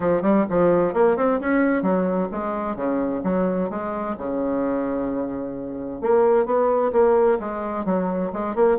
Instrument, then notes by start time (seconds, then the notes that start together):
bassoon
0.00 F3
0.22 G3
0.49 F3
0.93 A#3
1.16 C4
1.40 C#4
1.82 F#3
2.31 G#3
2.75 C#3
3.23 F#3
3.70 G#3
4.17 C#3
6.01 A#3
6.45 B3
6.92 A#3
7.39 G#3
7.85 F#3
8.32 G#3
8.55 A#3